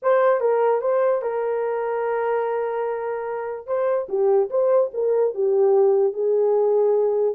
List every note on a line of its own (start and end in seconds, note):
0.02 0.40 C5
0.40 0.81 A#4
0.81 1.22 C5
1.22 3.66 A#4
3.66 4.07 C5
4.08 4.49 G4
4.49 4.90 C5
4.93 5.34 A#4
5.34 6.13 G4
6.13 7.35 G#4